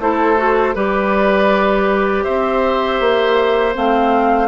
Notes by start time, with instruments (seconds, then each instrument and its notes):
0.00 bassoon A3, clarinet E4, oboe A4, flute C5
0.37 clarinet F#4
0.75 bassoon G3, clarinet G4, oboe B4, flute D5
2.24 bassoon C4, oboe C5, flute E5
3.00 bassoon A#3
3.75 bassoon A3, clarinet C4, flute F5